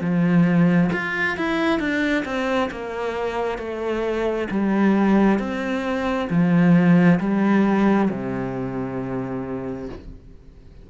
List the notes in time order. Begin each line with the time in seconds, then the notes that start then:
0.00 F3
0.92 F4
1.36 E4
1.79 D4
2.25 C4
2.71 A#3
3.58 A3
4.50 G3
5.39 C4
6.30 F3
7.19 G3
8.10 C3